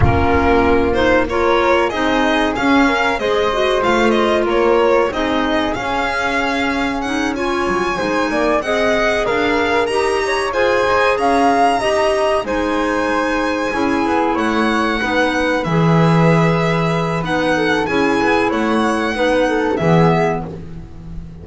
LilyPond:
<<
  \new Staff \with { instrumentName = "violin" } { \time 4/4 \tempo 4 = 94 ais'4. c''8 cis''4 dis''4 | f''4 dis''4 f''8 dis''8 cis''4 | dis''4 f''2 fis''8 gis''8~ | gis''4. fis''4 f''4 ais''8~ |
ais''8 gis''4 ais''2 gis''8~ | gis''2~ gis''8 fis''4.~ | fis''8 e''2~ e''8 fis''4 | gis''4 fis''2 e''4 | }
  \new Staff \with { instrumentName = "flute" } { \time 4/4 f'2 ais'4 gis'4~ | gis'8 ais'8 c''2 ais'4 | gis'2.~ gis'8 cis''8~ | cis''8 c''8 d''8 dis''4 ais'4. |
cis''8 c''4 f''4 dis''4 c''8~ | c''4. gis'4 cis''4 b'8~ | b'2.~ b'8 a'8 | gis'4 cis''4 b'8 a'8 gis'4 | }
  \new Staff \with { instrumentName = "clarinet" } { \time 4/4 cis'4. dis'8 f'4 dis'4 | cis'4 gis'8 fis'8 f'2 | dis'4 cis'2 dis'8 f'8~ | f'8 dis'4 gis'2 g'8~ |
g'8 gis'2 g'4 dis'8~ | dis'4. e'2 dis'8~ | dis'8 gis'2~ gis'8 dis'4 | e'2 dis'4 b4 | }
  \new Staff \with { instrumentName = "double bass" } { \time 4/4 ais2. c'4 | cis'4 gis4 a4 ais4 | c'4 cis'2. | fis8 gis8 ais8 c'4 d'4 dis'8~ |
dis'8 f'8 dis'8 cis'4 dis'4 gis8~ | gis4. cis'8 b8 a4 b8~ | b8 e2~ e8 b4 | cis'8 b8 a4 b4 e4 | }
>>